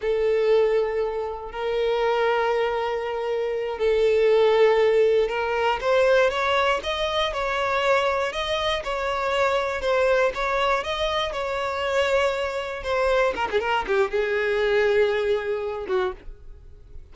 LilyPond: \new Staff \with { instrumentName = "violin" } { \time 4/4 \tempo 4 = 119 a'2. ais'4~ | ais'2.~ ais'8 a'8~ | a'2~ a'8 ais'4 c''8~ | c''8 cis''4 dis''4 cis''4.~ |
cis''8 dis''4 cis''2 c''8~ | c''8 cis''4 dis''4 cis''4.~ | cis''4. c''4 ais'16 gis'16 ais'8 g'8 | gis'2.~ gis'8 fis'8 | }